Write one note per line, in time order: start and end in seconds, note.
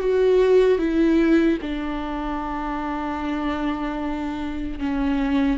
0.00 0.79 F#4
0.79 1.59 E4
1.62 4.80 D4
4.80 5.59 C#4